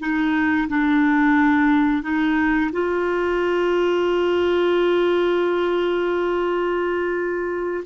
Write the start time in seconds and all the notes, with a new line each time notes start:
0.00 D#4
0.69 D4
2.03 D#4
2.73 F4